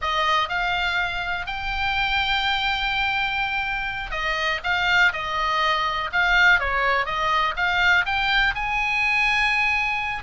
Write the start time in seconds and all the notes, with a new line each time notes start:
0.01 D#5
0.49 F5
1.46 G5
4.11 D#5
4.63 F5
5.12 D#5
6.12 F5
6.59 C#5
7.05 D#5
7.56 F5
8.05 G5
8.54 G#5